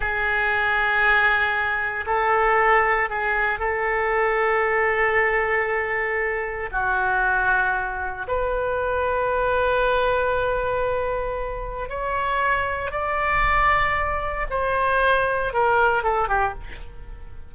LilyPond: \new Staff \with { instrumentName = "oboe" } { \time 4/4 \tempo 4 = 116 gis'1 | a'2 gis'4 a'4~ | a'1~ | a'4 fis'2. |
b'1~ | b'2. cis''4~ | cis''4 d''2. | c''2 ais'4 a'8 g'8 | }